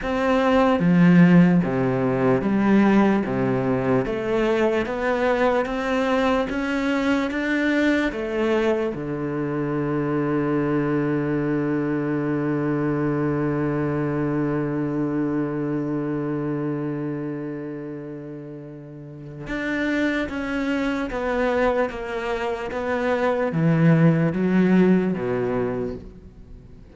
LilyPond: \new Staff \with { instrumentName = "cello" } { \time 4/4 \tempo 4 = 74 c'4 f4 c4 g4 | c4 a4 b4 c'4 | cis'4 d'4 a4 d4~ | d1~ |
d1~ | d1 | d'4 cis'4 b4 ais4 | b4 e4 fis4 b,4 | }